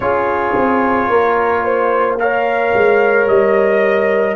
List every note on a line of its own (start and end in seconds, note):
0.00 0.54 C#4
0.00 2.18 F4
0.00 1.10 G#4
0.00 2.17 C#5
0.55 1.09 C4
1.09 2.72 A#3
1.09 1.64 A#4
1.64 2.18 C5
2.19 4.36 A#4
2.19 4.36 C#5
2.19 3.27 F5
2.74 3.26 G#3
3.26 4.35 G3
3.26 4.36 D#5